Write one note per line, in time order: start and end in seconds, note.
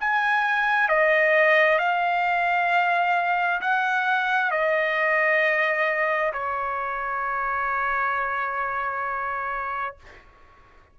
0.00 0.88 G#5
0.88 1.79 D#5
1.79 3.60 F5
3.61 4.51 F#5
4.51 6.33 D#5
6.33 9.97 C#5